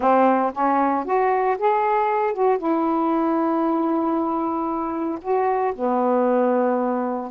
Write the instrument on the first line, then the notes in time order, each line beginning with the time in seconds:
saxophone
0.00 C4
0.53 C#4
1.04 F#4
1.58 G#4
2.33 F#4
2.58 E4
5.21 F#4
5.75 B3